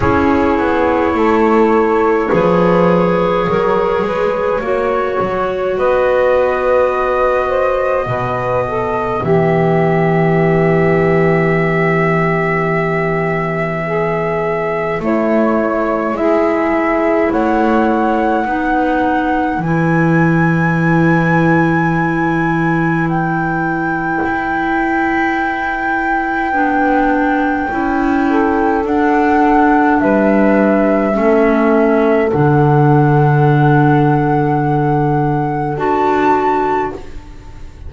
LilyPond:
<<
  \new Staff \with { instrumentName = "flute" } { \time 4/4 \tempo 4 = 52 cis''1~ | cis''4 dis''2. | e''1~ | e''4 cis''4 e''4 fis''4~ |
fis''4 gis''2. | g''1~ | g''4 fis''4 e''2 | fis''2. a''4 | }
  \new Staff \with { instrumentName = "saxophone" } { \time 4/4 gis'4 a'4 b'4 ais'8 b'8 | cis''4 b'4. c''8 b'8 a'8 | g'1 | gis'4 e'4 gis'4 cis''4 |
b'1~ | b'1~ | b'8 a'4. b'4 a'4~ | a'1 | }
  \new Staff \with { instrumentName = "clarinet" } { \time 4/4 e'2 gis'2 | fis'2. b4~ | b1~ | b4 a4 e'2 |
dis'4 e'2.~ | e'2. d'4 | e'4 d'2 cis'4 | d'2. fis'4 | }
  \new Staff \with { instrumentName = "double bass" } { \time 4/4 cis'8 b8 a4 f4 fis8 gis8 | ais8 fis8 b2 b,4 | e1~ | e4 a4 gis4 a4 |
b4 e2.~ | e4 e'2 b4 | cis'4 d'4 g4 a4 | d2. d'4 | }
>>